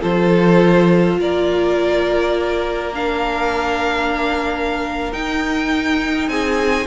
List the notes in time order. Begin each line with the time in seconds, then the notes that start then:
0.00 F3 F4 A4 C5
1.19 A#3 A#4 D5
2.94 D4 F5
5.12 D#4 G5
6.28 C4 G#4 G#5